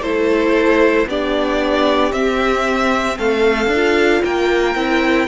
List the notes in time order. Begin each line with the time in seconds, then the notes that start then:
0.00 A3 E4 A4 C5
1.07 B3 D4 G4 D5
2.12 C4 E5
3.18 A3 A4 F5
3.67 D4
3.75 F4
4.24 A#3 A#4 G5
4.75 C4 E4